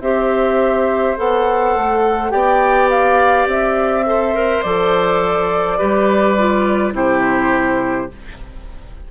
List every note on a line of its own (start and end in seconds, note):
0.00 1.15 C4
0.00 1.17 G4
0.00 2.32 C5
0.00 1.18 E5
1.17 1.76 B3
1.17 2.31 A4
1.17 2.31 F#5
1.76 2.33 A3
2.31 3.46 B3
2.31 4.04 G4
2.31 4.05 D5
2.31 2.89 G5
2.90 3.48 F5
3.46 4.62 C4
3.46 4.62 E5
4.06 4.35 A4
4.06 5.78 C5
4.35 4.63 A#4
4.62 5.80 F3
4.62 5.79 A4
4.62 6.93 D5
5.78 6.94 G3
5.78 6.37 G4
5.78 6.94 B4
6.38 6.93 F4
6.93 8.09 C3
6.93 8.08 E4
6.93 8.11 G4
6.93 8.11 C5